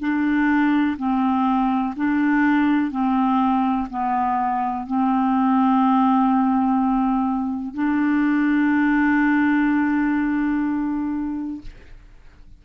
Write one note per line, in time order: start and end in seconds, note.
0.00 0.97 D4
0.98 1.94 C4
1.97 2.91 D4
2.91 3.88 C4
3.90 4.87 B3
4.87 7.75 C4
7.75 11.62 D4